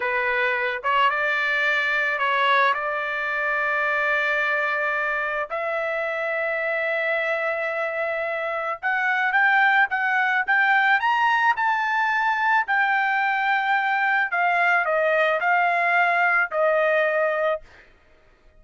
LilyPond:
\new Staff \with { instrumentName = "trumpet" } { \time 4/4 \tempo 4 = 109 b'4. cis''8 d''2 | cis''4 d''2.~ | d''2 e''2~ | e''1 |
fis''4 g''4 fis''4 g''4 | ais''4 a''2 g''4~ | g''2 f''4 dis''4 | f''2 dis''2 | }